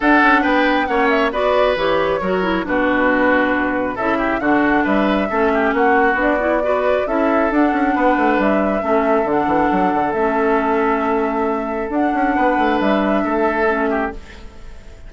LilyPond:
<<
  \new Staff \with { instrumentName = "flute" } { \time 4/4 \tempo 4 = 136 fis''4 g''4 fis''8 e''8 d''4 | cis''2 b'2~ | b'4 e''4 fis''4 e''4~ | e''4 fis''4 d''2 |
e''4 fis''2 e''4~ | e''4 fis''2 e''4~ | e''2. fis''4~ | fis''4 e''2. | }
  \new Staff \with { instrumentName = "oboe" } { \time 4/4 a'4 b'4 cis''4 b'4~ | b'4 ais'4 fis'2~ | fis'4 a'8 g'8 fis'4 b'4 | a'8 g'8 fis'2 b'4 |
a'2 b'2 | a'1~ | a'1 | b'2 a'4. g'8 | }
  \new Staff \with { instrumentName = "clarinet" } { \time 4/4 d'2 cis'4 fis'4 | g'4 fis'8 e'8 d'2~ | d'4 e'4 d'2 | cis'2 d'8 e'8 fis'4 |
e'4 d'2. | cis'4 d'2 cis'4~ | cis'2. d'4~ | d'2. cis'4 | }
  \new Staff \with { instrumentName = "bassoon" } { \time 4/4 d'8 cis'8 b4 ais4 b4 | e4 fis4 b,2~ | b,4 cis4 d4 g4 | a4 ais4 b2 |
cis'4 d'8 cis'8 b8 a8 g4 | a4 d8 e8 fis8 d8 a4~ | a2. d'8 cis'8 | b8 a8 g4 a2 | }
>>